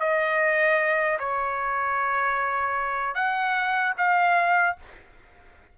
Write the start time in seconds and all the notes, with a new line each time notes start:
0.00 D#5
1.19 C#5
3.15 F#5
3.98 F5